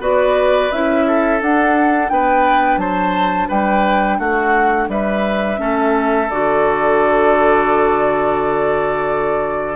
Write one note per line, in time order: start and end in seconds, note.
0.00 0.70 B3
0.00 0.71 F#4
0.00 1.06 B4
0.00 0.71 D5
0.71 1.42 C#4
0.71 1.41 E4
0.71 1.41 E5
1.07 2.12 A4
1.41 5.58 D4
1.41 2.11 D4
1.41 2.09 F#5
2.09 2.77 B3
2.09 2.81 B4
2.09 2.79 G5
2.77 3.47 F#3
2.77 3.49 C5
2.77 3.49 A5
3.49 4.19 G3
3.49 4.18 B4
3.49 4.19 G5
4.19 4.89 A3
4.19 4.89 F#4
4.19 4.89 F#5
4.89 5.59 G3
4.89 5.60 B4
4.89 6.30 E5
5.58 6.30 A3
5.58 6.27 C#4
5.58 9.76 A4
6.30 9.76 D3
6.30 9.76 F#4
6.30 9.76 D5